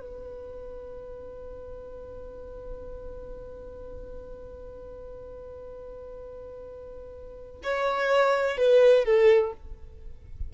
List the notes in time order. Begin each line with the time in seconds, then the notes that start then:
0.00 B4
7.64 C#5
8.58 B4
9.05 A4